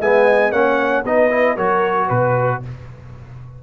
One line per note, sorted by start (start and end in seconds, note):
0.00 0.52 G#3
0.00 0.52 B3
0.00 0.26 E5
0.00 0.52 G#5
0.26 0.52 D#5
0.52 1.04 A#3
0.52 1.05 C#4
0.52 1.05 C#5
0.52 1.04 F#5
1.04 1.57 B3
1.04 1.31 D#4
1.04 1.55 B4
1.04 1.57 D#5
1.31 1.57 E4
1.55 2.10 F#3
1.55 2.63 F#4
1.55 2.07 A#4
1.55 2.09 C#5
2.07 2.63 B2
2.07 2.60 B4
2.07 2.62 B4